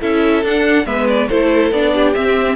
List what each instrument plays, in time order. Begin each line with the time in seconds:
0.00 cello C#4, viola E4, violin A4 E5
0.43 cello D4, viola D4, violin F#5
0.85 cello G#3, viola B3, violin B4 E5
1.08 violin D5
1.29 cello A3, viola E4, violin A4 C5
1.71 cello B3, viola D4, violin D5
1.94 violin G4
2.14 viola C4, cello C4, violin E5